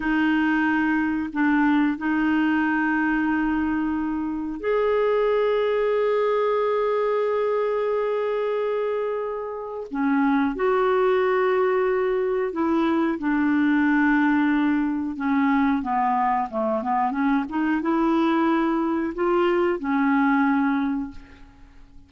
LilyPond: \new Staff \with { instrumentName = "clarinet" } { \time 4/4 \tempo 4 = 91 dis'2 d'4 dis'4~ | dis'2. gis'4~ | gis'1~ | gis'2. cis'4 |
fis'2. e'4 | d'2. cis'4 | b4 a8 b8 cis'8 dis'8 e'4~ | e'4 f'4 cis'2 | }